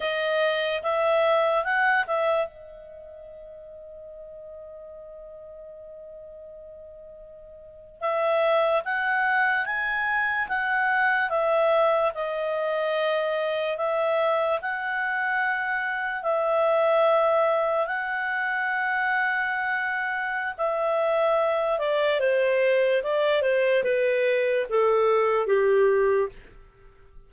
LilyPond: \new Staff \with { instrumentName = "clarinet" } { \time 4/4 \tempo 4 = 73 dis''4 e''4 fis''8 e''8 dis''4~ | dis''1~ | dis''4.~ dis''16 e''4 fis''4 gis''16~ | gis''8. fis''4 e''4 dis''4~ dis''16~ |
dis''8. e''4 fis''2 e''16~ | e''4.~ e''16 fis''2~ fis''16~ | fis''4 e''4. d''8 c''4 | d''8 c''8 b'4 a'4 g'4 | }